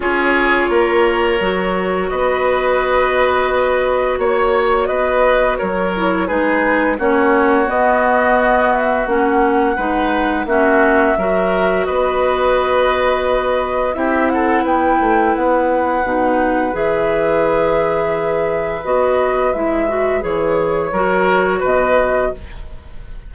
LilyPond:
<<
  \new Staff \with { instrumentName = "flute" } { \time 4/4 \tempo 4 = 86 cis''2. dis''4~ | dis''2 cis''4 dis''4 | cis''4 b'4 cis''4 dis''4~ | dis''8 e''8 fis''2 e''4~ |
e''4 dis''2. | e''8 fis''8 g''4 fis''2 | e''2. dis''4 | e''4 cis''2 dis''4 | }
  \new Staff \with { instrumentName = "oboe" } { \time 4/4 gis'4 ais'2 b'4~ | b'2 cis''4 b'4 | ais'4 gis'4 fis'2~ | fis'2 b'4 fis'4 |
ais'4 b'2. | g'8 a'8 b'2.~ | b'1~ | b'2 ais'4 b'4 | }
  \new Staff \with { instrumentName = "clarinet" } { \time 4/4 f'2 fis'2~ | fis'1~ | fis'8 e'8 dis'4 cis'4 b4~ | b4 cis'4 dis'4 cis'4 |
fis'1 | e'2. dis'4 | gis'2. fis'4 | e'8 fis'8 gis'4 fis'2 | }
  \new Staff \with { instrumentName = "bassoon" } { \time 4/4 cis'4 ais4 fis4 b4~ | b2 ais4 b4 | fis4 gis4 ais4 b4~ | b4 ais4 gis4 ais4 |
fis4 b2. | c'4 b8 a8 b4 b,4 | e2. b4 | gis4 e4 fis4 b,4 | }
>>